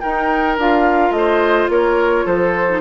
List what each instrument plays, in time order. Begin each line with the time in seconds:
0.00 clarinet D#4, bassoon D#4, oboe A#4, flute G5
0.57 bassoon D4, clarinet F4, flute F5
1.10 bassoon A3, flute D#5
1.17 oboe C5
1.68 bassoon A#3, oboe A#4, flute C#5
2.25 bassoon F3, oboe A4, flute C5
2.69 clarinet D#4